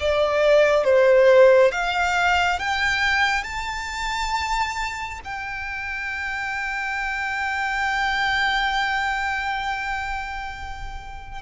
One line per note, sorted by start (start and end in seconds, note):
0.00 0.84 D5
0.84 1.72 C5
1.72 2.59 F5
2.59 3.44 G5
3.44 5.20 A5
5.24 11.41 G5